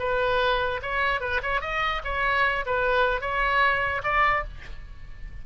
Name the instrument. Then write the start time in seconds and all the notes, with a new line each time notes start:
oboe
0.00 B4
0.82 C#5
1.21 B4
1.43 C#5
1.61 D#5
2.05 C#5
2.66 B4
3.21 C#5
4.04 D5